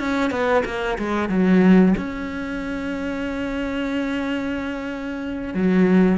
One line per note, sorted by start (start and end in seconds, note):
0.00 0.31 C#4
0.31 0.64 B3
0.66 0.98 A#3
0.99 1.30 G#3
1.30 1.95 F#3
1.97 5.54 C#4
5.54 6.18 F#3